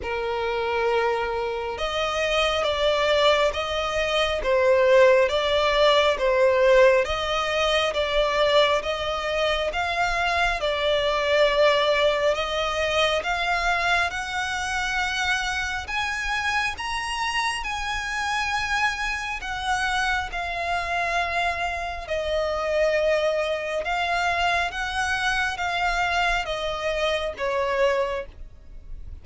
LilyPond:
\new Staff \with { instrumentName = "violin" } { \time 4/4 \tempo 4 = 68 ais'2 dis''4 d''4 | dis''4 c''4 d''4 c''4 | dis''4 d''4 dis''4 f''4 | d''2 dis''4 f''4 |
fis''2 gis''4 ais''4 | gis''2 fis''4 f''4~ | f''4 dis''2 f''4 | fis''4 f''4 dis''4 cis''4 | }